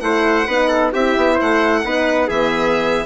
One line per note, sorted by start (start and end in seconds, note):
0.00 0.46 A3
0.00 0.46 E4
0.00 0.47 C5
0.00 0.91 F#5
0.47 0.93 B3
0.47 0.94 D#4
0.47 0.68 B4
0.68 0.91 A4
0.92 1.16 C4
0.92 1.84 E4
0.92 1.34 G4
0.92 1.39 E5
1.16 1.39 B3
1.34 1.79 C5
1.41 1.84 A3
1.41 2.29 F#5
1.84 2.29 B3
1.84 2.30 D#4
1.84 2.27 B4
2.27 3.06 E3
2.27 3.06 B3
2.27 3.06 G#4
2.27 3.06 E5